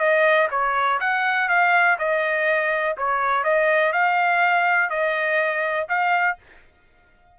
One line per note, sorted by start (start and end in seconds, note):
0.00 0.49 D#5
0.51 1.00 C#5
1.01 1.49 F#5
1.49 1.98 F5
1.99 2.97 D#5
2.98 3.44 C#5
3.44 3.93 D#5
3.93 4.90 F5
4.90 5.88 D#5
5.89 6.38 F5